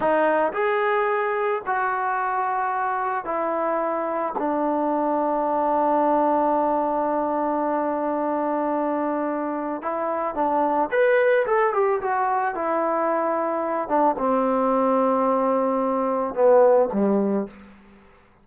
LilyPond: \new Staff \with { instrumentName = "trombone" } { \time 4/4 \tempo 4 = 110 dis'4 gis'2 fis'4~ | fis'2 e'2 | d'1~ | d'1~ |
d'2 e'4 d'4 | b'4 a'8 g'8 fis'4 e'4~ | e'4. d'8 c'2~ | c'2 b4 g4 | }